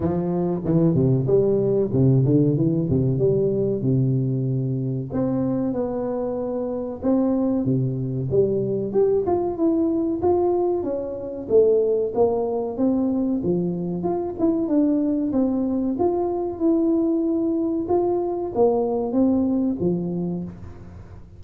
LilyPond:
\new Staff \with { instrumentName = "tuba" } { \time 4/4 \tempo 4 = 94 f4 e8 c8 g4 c8 d8 | e8 c8 g4 c2 | c'4 b2 c'4 | c4 g4 g'8 f'8 e'4 |
f'4 cis'4 a4 ais4 | c'4 f4 f'8 e'8 d'4 | c'4 f'4 e'2 | f'4 ais4 c'4 f4 | }